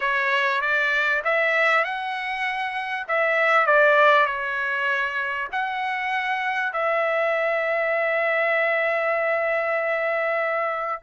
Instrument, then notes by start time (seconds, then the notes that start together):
trumpet
0.00 C#5
0.61 D5
1.24 E5
1.84 F#5
3.08 E5
3.66 D5
4.26 C#5
5.52 F#5
6.72 E5